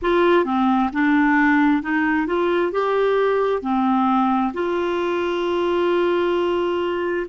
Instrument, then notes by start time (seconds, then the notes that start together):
clarinet
0.02 F4
0.45 C4
0.92 D4
1.82 D#4
2.26 F4
2.72 G4
3.62 C4
4.53 F4